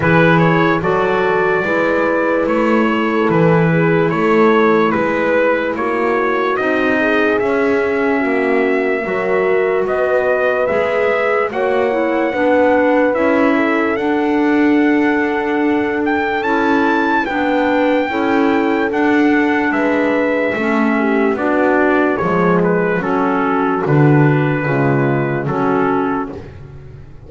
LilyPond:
<<
  \new Staff \with { instrumentName = "trumpet" } { \time 4/4 \tempo 4 = 73 b'8 cis''8 d''2 cis''4 | b'4 cis''4 b'4 cis''4 | dis''4 e''2. | dis''4 e''4 fis''2 |
e''4 fis''2~ fis''8 g''8 | a''4 g''2 fis''4 | e''2 d''4 cis''8 b'8 | a'4 b'2 a'4 | }
  \new Staff \with { instrumentName = "horn" } { \time 4/4 gis'4 a'4 b'4. a'8~ | a'8 gis'8 a'4 b'4 fis'4~ | fis'8 gis'4. fis'4 ais'4 | b'2 cis''4 b'4~ |
b'8 a'2.~ a'8~ | a'4 b'4 a'2 | b'4 a'8 g'8 fis'4 gis'4 | fis'2 f'4 fis'4 | }
  \new Staff \with { instrumentName = "clarinet" } { \time 4/4 e'4 fis'4 e'2~ | e'1 | dis'4 cis'2 fis'4~ | fis'4 gis'4 fis'8 e'8 d'4 |
e'4 d'2. | e'4 d'4 e'4 d'4~ | d'4 cis'4 d'4 gis4 | cis'4 d'4 gis4 cis'4 | }
  \new Staff \with { instrumentName = "double bass" } { \time 4/4 e4 fis4 gis4 a4 | e4 a4 gis4 ais4 | c'4 cis'4 ais4 fis4 | b4 gis4 ais4 b4 |
cis'4 d'2. | cis'4 b4 cis'4 d'4 | gis4 a4 b4 f4 | fis4 d4 cis4 fis4 | }
>>